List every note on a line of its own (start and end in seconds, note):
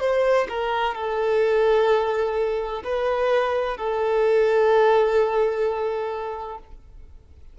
0.00 0.47 C5
0.49 0.95 A#4
0.95 2.82 A4
2.84 3.77 B4
3.77 6.58 A4